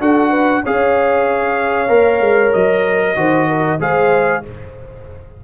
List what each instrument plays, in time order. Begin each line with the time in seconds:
0.00 tuba D4, trombone F#4, horn A4, trumpet F#5
0.30 horn B4
0.63 tuba C#4, trombone G#4, horn C#5, trumpet F5
1.88 tuba A#3, trombone A#4
2.20 tuba G#3
2.53 tuba F#3, trumpet D#5
3.16 tuba D#3, trombone F#4, horn C5
3.48 horn A#4
3.79 tuba G#3, trombone G#4, horn C5, trumpet F5